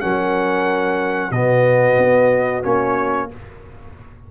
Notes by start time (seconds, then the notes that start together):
0.00 F#3 C#4 A#4 F#5
1.31 B2 B3 F#4 D#5
1.98 B3
2.63 A#3 C#4 C#5